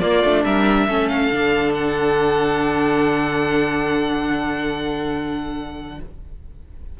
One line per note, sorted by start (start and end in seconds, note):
0.00 0.22 A#3
0.00 0.23 A#3
0.00 0.44 F4
0.00 0.43 D5
0.23 0.45 A3
0.23 0.89 D4
0.45 0.87 G3
0.45 0.87 A#4
0.45 1.08 E5
0.87 1.31 A3
0.87 1.32 C#4
0.87 5.98 A4
1.08 1.72 F5
1.32 6.00 D3
1.32 6.00 D4
1.74 6.00 F#5